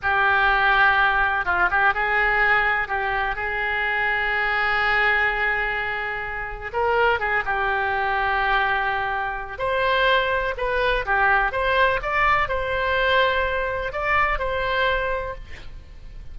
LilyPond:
\new Staff \with { instrumentName = "oboe" } { \time 4/4 \tempo 4 = 125 g'2. f'8 g'8 | gis'2 g'4 gis'4~ | gis'1~ | gis'2 ais'4 gis'8 g'8~ |
g'1 | c''2 b'4 g'4 | c''4 d''4 c''2~ | c''4 d''4 c''2 | }